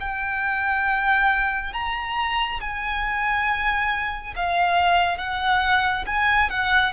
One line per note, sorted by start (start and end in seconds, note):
0.00 1.73 G5
1.73 2.60 A#5
2.60 4.34 G#5
4.36 5.18 F5
5.18 6.05 F#5
6.07 6.50 G#5
6.50 6.93 F#5